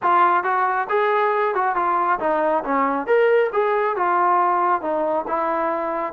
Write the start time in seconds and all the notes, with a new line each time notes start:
0.02 F4
0.43 F#4
0.89 G#4
1.54 F#4
1.75 F4
2.19 D#4
2.64 C#4
3.06 A#4
3.52 G#4
3.96 F4
4.81 D#4
5.27 E4